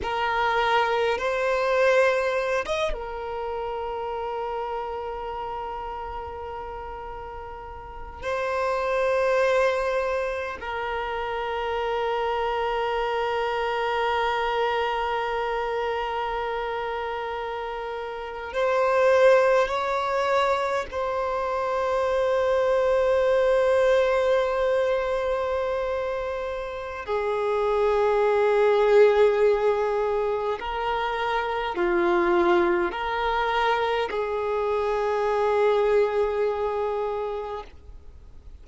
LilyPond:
\new Staff \with { instrumentName = "violin" } { \time 4/4 \tempo 4 = 51 ais'4 c''4~ c''16 dis''16 ais'4.~ | ais'2. c''4~ | c''4 ais'2.~ | ais'2.~ ais'8. c''16~ |
c''8. cis''4 c''2~ c''16~ | c''2. gis'4~ | gis'2 ais'4 f'4 | ais'4 gis'2. | }